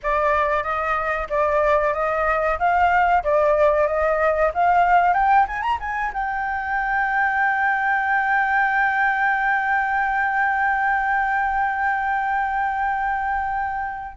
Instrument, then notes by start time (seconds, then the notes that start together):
flute
0.03 D5
0.63 D#5
1.29 D5
1.93 D#5
2.58 F5
3.23 D5
3.87 D#5
4.53 F5
5.13 G5
5.47 G#5
5.61 A#5
5.80 G#5
6.13 G5